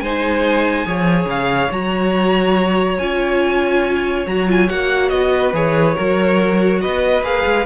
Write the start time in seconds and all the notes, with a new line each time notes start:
0.00 G#3 D#4 C5 G#5
0.85 F3 G#4 C#5
1.25 C#3 F5
1.71 F#3 F#4 A#5
2.98 C#4 F4 G#5
4.27 F#3 F#4 A#5
4.48 F4 G#5
4.68 A#3 F#4 F#5
5.09 B3 D#5
5.34 B4
5.53 E3 G#4 C#5
5.95 F#3 F#4 A#4
6.81 B3 B4 D#5
7.23 A#3 G#4 F5
7.46 G#3